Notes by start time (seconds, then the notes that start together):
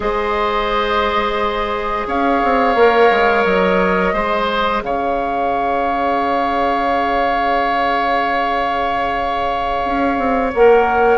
0.00 G#3 G#4 C5 D#5
2.07 C#4 C#5 F5
2.44 C4
2.75 A#3 A#4
3.10 G#3
3.44 F#3 D#5
4.13 G#3 G#4 C5
4.82 C#3 C#5 F5
9.84 C#4
10.18 C4
10.53 A#3 A#4 F#5